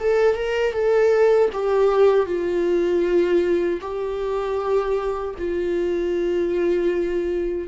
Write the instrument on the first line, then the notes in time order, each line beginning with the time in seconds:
viola
0.00 A4
0.36 A#4
0.73 A4
1.53 G4
2.27 F4
3.81 G4
5.39 F4